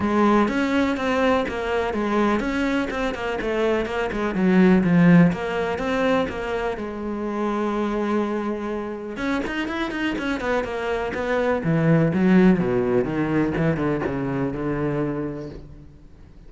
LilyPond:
\new Staff \with { instrumentName = "cello" } { \time 4/4 \tempo 4 = 124 gis4 cis'4 c'4 ais4 | gis4 cis'4 c'8 ais8 a4 | ais8 gis8 fis4 f4 ais4 | c'4 ais4 gis2~ |
gis2. cis'8 dis'8 | e'8 dis'8 cis'8 b8 ais4 b4 | e4 fis4 b,4 dis4 | e8 d8 cis4 d2 | }